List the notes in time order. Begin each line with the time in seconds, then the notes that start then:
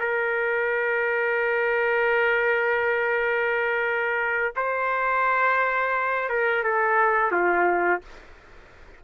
0.00 A#4
4.56 C5
6.29 A#4
6.64 A4
7.32 F4